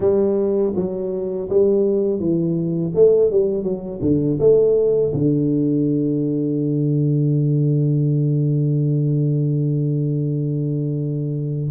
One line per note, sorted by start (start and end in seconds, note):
0.00 0.73 G3
0.75 1.48 F#3
1.49 2.19 G3
2.19 2.92 E3
2.94 3.30 A3
3.30 3.63 G3
3.63 3.99 F#3
4.01 4.38 D3
4.39 5.12 A3
5.13 11.70 D3